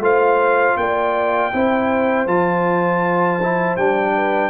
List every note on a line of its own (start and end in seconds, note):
0.00 0.75 A3
0.00 1.52 F4
0.00 0.78 C5
0.00 0.78 F5
0.77 1.52 A#3
0.77 1.54 D5
0.77 2.27 G5
1.53 2.27 C4
1.53 2.28 E4
1.53 4.16 C5
2.27 3.77 F3
2.27 3.40 F4
2.27 3.77 A5
3.43 3.79 E4
3.77 4.50 G3
3.77 4.50 D4
3.77 4.50 G5
4.16 4.50 B4